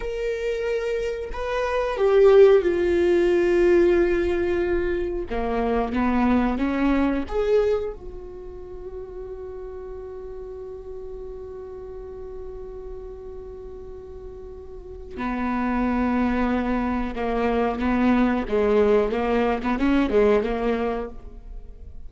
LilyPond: \new Staff \with { instrumentName = "viola" } { \time 4/4 \tempo 4 = 91 ais'2 b'4 g'4 | f'1 | ais4 b4 cis'4 gis'4 | fis'1~ |
fis'1~ | fis'2. b4~ | b2 ais4 b4 | gis4 ais8. b16 cis'8 gis8 ais4 | }